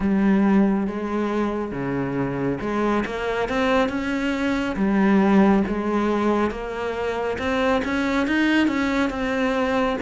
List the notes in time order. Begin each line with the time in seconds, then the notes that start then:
0.00 G3
0.87 G#3
1.72 C#3
2.60 G#3
3.05 A#3
3.49 C4
3.88 C#4
4.76 G3
5.67 G#3
6.50 A#3
7.38 C4
7.84 C#4
8.26 D#4
8.67 C#4
9.10 C4